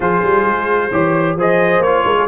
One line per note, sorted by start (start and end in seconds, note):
0.00 0.22 F3
0.00 0.91 F4
0.00 0.90 G#4
0.00 1.38 C5
0.22 0.44 G3
0.44 0.90 G#3
0.90 1.36 E3
0.90 1.38 G4
0.90 1.36 C#5
1.36 1.79 F3
1.36 1.84 G#4
1.36 2.04 C5
1.36 1.82 D#5
1.79 2.02 A#3
1.79 2.28 C#5
1.85 2.28 F4
2.04 2.27 G#3
2.04 2.16 A#4
2.18 2.28 G#4